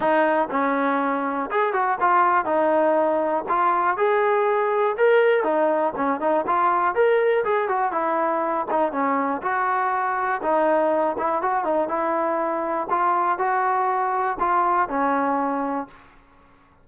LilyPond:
\new Staff \with { instrumentName = "trombone" } { \time 4/4 \tempo 4 = 121 dis'4 cis'2 gis'8 fis'8 | f'4 dis'2 f'4 | gis'2 ais'4 dis'4 | cis'8 dis'8 f'4 ais'4 gis'8 fis'8 |
e'4. dis'8 cis'4 fis'4~ | fis'4 dis'4. e'8 fis'8 dis'8 | e'2 f'4 fis'4~ | fis'4 f'4 cis'2 | }